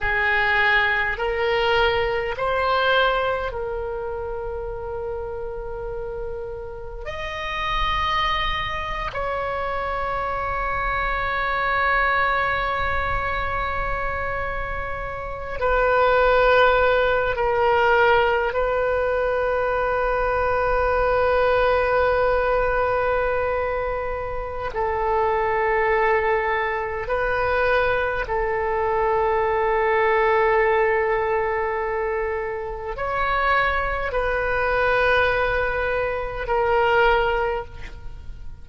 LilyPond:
\new Staff \with { instrumentName = "oboe" } { \time 4/4 \tempo 4 = 51 gis'4 ais'4 c''4 ais'4~ | ais'2 dis''4.~ dis''16 cis''16~ | cis''1~ | cis''4~ cis''16 b'4. ais'4 b'16~ |
b'1~ | b'4 a'2 b'4 | a'1 | cis''4 b'2 ais'4 | }